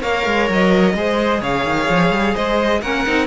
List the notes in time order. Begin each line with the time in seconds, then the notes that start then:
0.00 A#3 A#4 C#5 F5
0.26 G#3
0.49 F#3 D#5
0.94 G#3 G#4 C5
1.41 C#3 C#5 F5
1.65 D#3
1.89 F3
2.10 G3
2.34 G#3 C5 D#5
2.81 A#3 C#4 A#4 F#5
3.06 C4 D#4